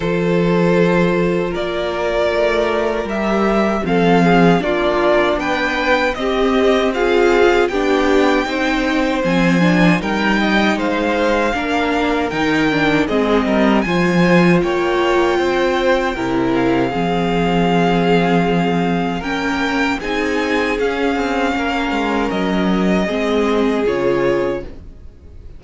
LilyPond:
<<
  \new Staff \with { instrumentName = "violin" } { \time 4/4 \tempo 4 = 78 c''2 d''2 | e''4 f''4 d''4 g''4 | dis''4 f''4 g''2 | gis''4 g''4 f''2 |
g''4 dis''4 gis''4 g''4~ | g''4. f''2~ f''8~ | f''4 g''4 gis''4 f''4~ | f''4 dis''2 cis''4 | }
  \new Staff \with { instrumentName = "violin" } { \time 4/4 a'2 ais'2~ | ais'4 a'8 gis'8 f'4 b'4 | g'4 gis'4 g'4 c''4~ | c''4 ais'8 dis''8 c''4 ais'4~ |
ais'4 gis'8 ais'8 c''4 cis''4 | c''4 ais'4 gis'2~ | gis'4 ais'4 gis'2 | ais'2 gis'2 | }
  \new Staff \with { instrumentName = "viola" } { \time 4/4 f'1 | g'4 c'4 d'2 | c'4 f'4 d'4 dis'4 | c'8 d'8 dis'2 d'4 |
dis'8 d'8 c'4 f'2~ | f'4 e'4 c'2~ | c'4 cis'4 dis'4 cis'4~ | cis'2 c'4 f'4 | }
  \new Staff \with { instrumentName = "cello" } { \time 4/4 f2 ais4 a4 | g4 f4 ais4 b4 | c'2 b4 c'4 | f4 g4 gis4 ais4 |
dis4 gis8 g8 f4 ais4 | c'4 c4 f2~ | f4 ais4 c'4 cis'8 c'8 | ais8 gis8 fis4 gis4 cis4 | }
>>